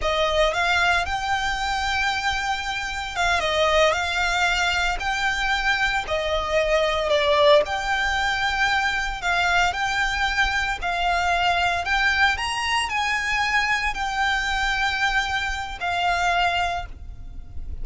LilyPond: \new Staff \with { instrumentName = "violin" } { \time 4/4 \tempo 4 = 114 dis''4 f''4 g''2~ | g''2 f''8 dis''4 f''8~ | f''4. g''2 dis''8~ | dis''4. d''4 g''4.~ |
g''4. f''4 g''4.~ | g''8 f''2 g''4 ais''8~ | ais''8 gis''2 g''4.~ | g''2 f''2 | }